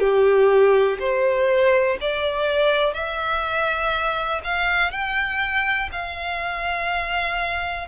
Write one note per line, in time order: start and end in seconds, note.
0.00 0.98 G4
1.00 1.99 C5
2.01 2.94 D5
2.94 4.41 E5
4.44 4.92 F5
4.92 5.90 G5
5.92 7.88 F5